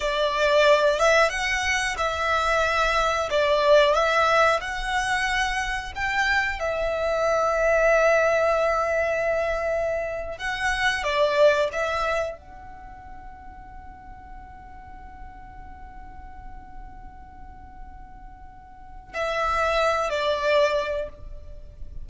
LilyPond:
\new Staff \with { instrumentName = "violin" } { \time 4/4 \tempo 4 = 91 d''4. e''8 fis''4 e''4~ | e''4 d''4 e''4 fis''4~ | fis''4 g''4 e''2~ | e''2.~ e''8. fis''16~ |
fis''8. d''4 e''4 fis''4~ fis''16~ | fis''1~ | fis''1~ | fis''4 e''4. d''4. | }